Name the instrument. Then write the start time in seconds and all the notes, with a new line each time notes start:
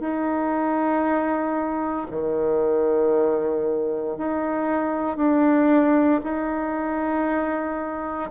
bassoon
0.00 D#4
2.11 D#3
4.18 D#4
5.17 D4
6.24 D#4